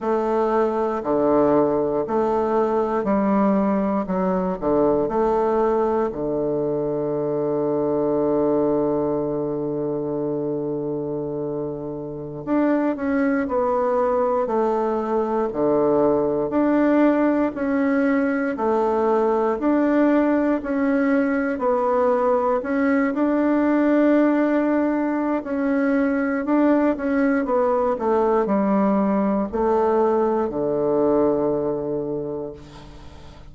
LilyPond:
\new Staff \with { instrumentName = "bassoon" } { \time 4/4 \tempo 4 = 59 a4 d4 a4 g4 | fis8 d8 a4 d2~ | d1~ | d16 d'8 cis'8 b4 a4 d8.~ |
d16 d'4 cis'4 a4 d'8.~ | d'16 cis'4 b4 cis'8 d'4~ d'16~ | d'4 cis'4 d'8 cis'8 b8 a8 | g4 a4 d2 | }